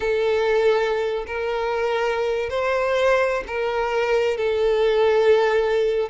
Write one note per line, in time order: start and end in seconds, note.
0.00 1.25 A4
1.27 2.49 A#4
2.49 3.43 C5
3.47 4.37 A#4
4.37 6.09 A4